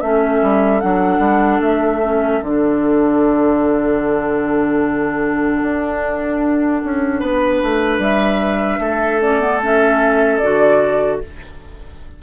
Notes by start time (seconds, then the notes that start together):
0.00 A3 C#4 A4 E5
0.42 G3
0.80 F#3 D4 F#5
1.18 G3
1.61 A3 E5
2.02 C#4
2.42 D3 D4 F#5
5.62 D4
6.84 C#4
7.19 B3 B4
7.63 A3
7.98 G3 E5
8.79 A3 A4
9.21 C#4 D5
9.40 B3
9.62 C#4 E5
10.38 D3 F#4 D5